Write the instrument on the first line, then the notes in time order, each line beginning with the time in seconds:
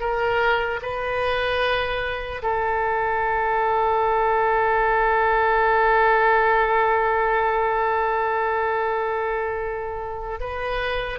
oboe
0.00 A#4
0.82 B4
2.42 A4
10.40 B4